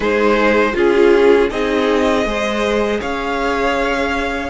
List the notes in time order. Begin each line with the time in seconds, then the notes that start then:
0.00 G#3 D#4 G#4 C5
0.72 C#4 F4 G#4
1.50 C4 D#4 G#4 D#5
2.25 G#3 G#4 C5
3.00 C#4 C#5 F5